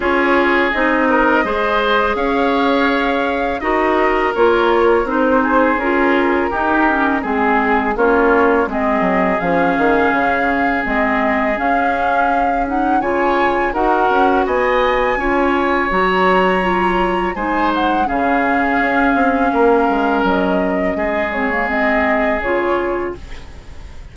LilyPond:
<<
  \new Staff \with { instrumentName = "flute" } { \time 4/4 \tempo 4 = 83 cis''4 dis''2 f''4~ | f''4 dis''4 cis''4 c''4 | ais'2 gis'4 cis''4 | dis''4 f''2 dis''4 |
f''4. fis''8 gis''4 fis''4 | gis''2 ais''2 | gis''8 fis''8 f''2. | dis''4. cis''8 dis''4 cis''4 | }
  \new Staff \with { instrumentName = "oboe" } { \time 4/4 gis'4. ais'8 c''4 cis''4~ | cis''4 ais'2~ ais'8 gis'8~ | gis'4 g'4 gis'4 f'4 | gis'1~ |
gis'2 cis''4 ais'4 | dis''4 cis''2. | c''4 gis'2 ais'4~ | ais'4 gis'2. | }
  \new Staff \with { instrumentName = "clarinet" } { \time 4/4 f'4 dis'4 gis'2~ | gis'4 fis'4 f'4 dis'4 | f'4 dis'8 cis'8 c'4 cis'4 | c'4 cis'2 c'4 |
cis'4. dis'8 f'4 fis'4~ | fis'4 f'4 fis'4 f'4 | dis'4 cis'2.~ | cis'4. c'16 ais16 c'4 f'4 | }
  \new Staff \with { instrumentName = "bassoon" } { \time 4/4 cis'4 c'4 gis4 cis'4~ | cis'4 dis'4 ais4 c'4 | cis'4 dis'4 gis4 ais4 | gis8 fis8 f8 dis8 cis4 gis4 |
cis'2 cis4 dis'8 cis'8 | b4 cis'4 fis2 | gis4 cis4 cis'8 c'8 ais8 gis8 | fis4 gis2 cis4 | }
>>